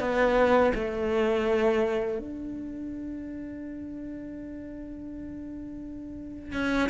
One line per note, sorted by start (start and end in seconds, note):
0.00 0.72 B3
0.75 2.19 A3
2.19 6.53 D4
6.53 6.89 C#4